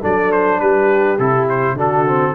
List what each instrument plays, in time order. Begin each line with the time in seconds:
0.00 tuba F#3, trombone D4, horn A4, trumpet D5
0.31 trumpet C5
0.59 tuba G3, horn G4, trumpet B4
1.18 tuba C3, trombone E4, trumpet A4
1.49 trumpet C5
1.73 tuba D3, trombone D4, horn F#4
1.79 trumpet A4
2.07 trombone C4